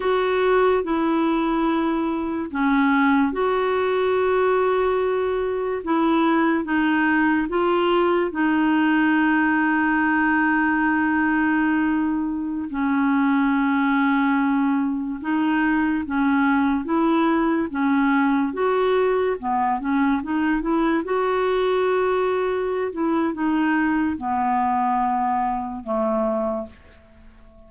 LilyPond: \new Staff \with { instrumentName = "clarinet" } { \time 4/4 \tempo 4 = 72 fis'4 e'2 cis'4 | fis'2. e'4 | dis'4 f'4 dis'2~ | dis'2.~ dis'16 cis'8.~ |
cis'2~ cis'16 dis'4 cis'8.~ | cis'16 e'4 cis'4 fis'4 b8 cis'16~ | cis'16 dis'8 e'8 fis'2~ fis'16 e'8 | dis'4 b2 a4 | }